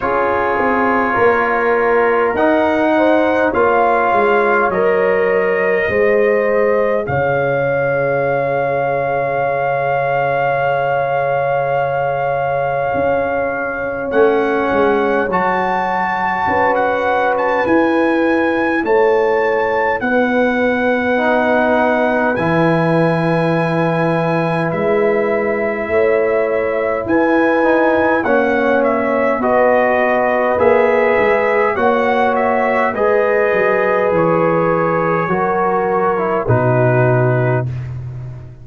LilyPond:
<<
  \new Staff \with { instrumentName = "trumpet" } { \time 4/4 \tempo 4 = 51 cis''2 fis''4 f''4 | dis''2 f''2~ | f''1 | fis''4 a''4~ a''16 fis''8 a''16 gis''4 |
a''4 fis''2 gis''4~ | gis''4 e''2 gis''4 | fis''8 e''8 dis''4 e''4 fis''8 e''8 | dis''4 cis''2 b'4 | }
  \new Staff \with { instrumentName = "horn" } { \time 4/4 gis'4 ais'4. c''8 cis''4~ | cis''4 c''4 cis''2~ | cis''1~ | cis''2 b'2 |
cis''4 b'2.~ | b'2 cis''4 b'4 | cis''4 b'2 cis''4 | b'2 ais'4 fis'4 | }
  \new Staff \with { instrumentName = "trombone" } { \time 4/4 f'2 dis'4 f'4 | ais'4 gis'2.~ | gis'1 | cis'4 fis'2 e'4~ |
e'2 dis'4 e'4~ | e'2.~ e'8 dis'8 | cis'4 fis'4 gis'4 fis'4 | gis'2 fis'8. e'16 dis'4 | }
  \new Staff \with { instrumentName = "tuba" } { \time 4/4 cis'8 c'8 ais4 dis'4 ais8 gis8 | fis4 gis4 cis2~ | cis2. cis'4 | a8 gis8 fis4 cis'4 e'4 |
a4 b2 e4~ | e4 gis4 a4 e'4 | ais4 b4 ais8 gis8 ais4 | gis8 fis8 e4 fis4 b,4 | }
>>